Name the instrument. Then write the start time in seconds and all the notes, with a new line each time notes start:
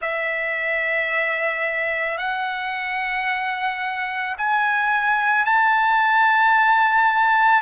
trumpet
0.01 E5
2.17 F#5
4.37 G#5
5.45 A5